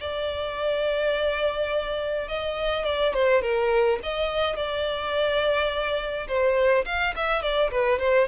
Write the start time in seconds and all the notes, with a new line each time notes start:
0.00 D5
2.28 D#5
2.85 D5
3.14 C5
3.42 A#4
4.03 D#5
4.56 D5
6.28 C5
6.85 F5
7.16 E5
7.42 D5
7.71 B4
7.99 C5